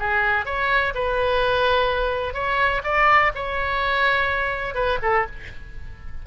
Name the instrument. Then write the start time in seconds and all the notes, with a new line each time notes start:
oboe
0.00 G#4
0.46 C#5
0.95 B4
2.34 C#5
2.84 D5
3.35 C#5
4.75 B4
5.03 A4